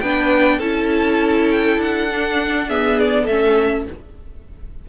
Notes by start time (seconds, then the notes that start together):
0.00 B3 D4 B4 G5
0.58 C#4 E4 A4 A5
1.51 G5
1.77 D4 F#5
2.10 D4
2.68 B3 G#4 E5
2.99 D5
3.23 A3 C#4 A4 E5